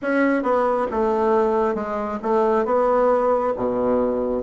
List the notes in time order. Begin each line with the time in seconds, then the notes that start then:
0.02 C#4
0.43 B3
0.91 A3
1.74 G#3
2.22 A3
2.65 B3
3.56 B2